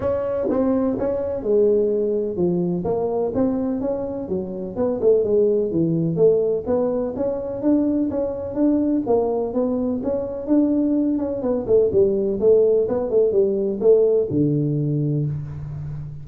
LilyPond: \new Staff \with { instrumentName = "tuba" } { \time 4/4 \tempo 4 = 126 cis'4 c'4 cis'4 gis4~ | gis4 f4 ais4 c'4 | cis'4 fis4 b8 a8 gis4 | e4 a4 b4 cis'4 |
d'4 cis'4 d'4 ais4 | b4 cis'4 d'4. cis'8 | b8 a8 g4 a4 b8 a8 | g4 a4 d2 | }